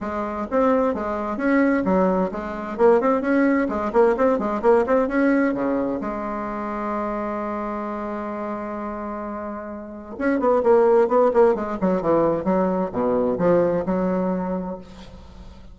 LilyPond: \new Staff \with { instrumentName = "bassoon" } { \time 4/4 \tempo 4 = 130 gis4 c'4 gis4 cis'4 | fis4 gis4 ais8 c'8 cis'4 | gis8 ais8 c'8 gis8 ais8 c'8 cis'4 | cis4 gis2.~ |
gis1~ | gis2 cis'8 b8 ais4 | b8 ais8 gis8 fis8 e4 fis4 | b,4 f4 fis2 | }